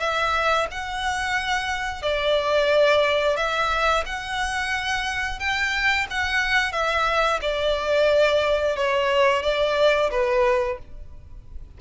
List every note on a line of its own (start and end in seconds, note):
0.00 0.67 E5
0.71 2.02 F#5
2.02 3.37 D5
3.37 4.04 E5
4.06 5.40 F#5
5.40 6.07 G5
6.10 6.73 F#5
6.73 7.40 E5
7.42 8.76 D5
8.77 9.43 C#5
9.43 10.10 D5
10.11 10.79 B4